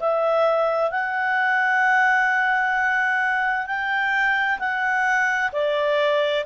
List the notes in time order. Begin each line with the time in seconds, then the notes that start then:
0.00 E5
0.91 F#5
3.67 G5
4.59 F#5
5.53 D5